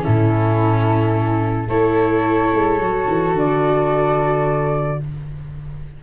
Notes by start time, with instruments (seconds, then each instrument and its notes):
0.00 tuba A2, viola C#4, flute E4 A4
1.68 tuba A3, viola E4, flute A4 C#5
2.53 tuba G#3
2.78 tuba F#3, viola F#4
3.07 tuba E3
3.33 tuba D3, flute D5